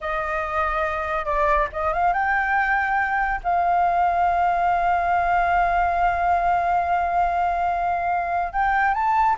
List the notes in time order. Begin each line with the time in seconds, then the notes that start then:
0.01 D#5
1.25 D5
1.72 D#5
1.93 F5
2.13 G5
3.43 F5
8.52 G5
8.94 A5